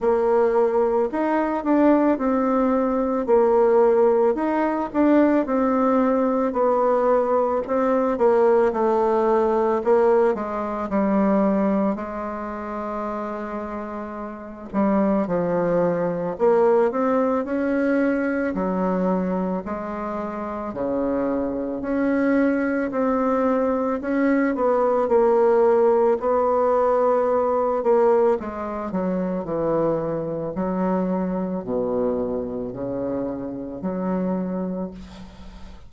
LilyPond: \new Staff \with { instrumentName = "bassoon" } { \time 4/4 \tempo 4 = 55 ais4 dis'8 d'8 c'4 ais4 | dis'8 d'8 c'4 b4 c'8 ais8 | a4 ais8 gis8 g4 gis4~ | gis4. g8 f4 ais8 c'8 |
cis'4 fis4 gis4 cis4 | cis'4 c'4 cis'8 b8 ais4 | b4. ais8 gis8 fis8 e4 | fis4 b,4 cis4 fis4 | }